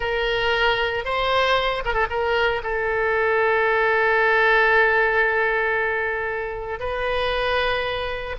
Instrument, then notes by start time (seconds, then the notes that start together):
oboe
0.00 A#4
1.04 C5
1.85 A#4
1.93 A4
2.09 A#4
2.63 A4
6.79 B4